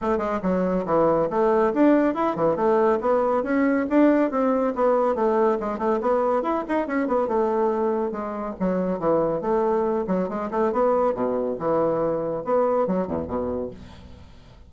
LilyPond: \new Staff \with { instrumentName = "bassoon" } { \time 4/4 \tempo 4 = 140 a8 gis8 fis4 e4 a4 | d'4 e'8 e8 a4 b4 | cis'4 d'4 c'4 b4 | a4 gis8 a8 b4 e'8 dis'8 |
cis'8 b8 a2 gis4 | fis4 e4 a4. fis8 | gis8 a8 b4 b,4 e4~ | e4 b4 fis8 e,8 b,4 | }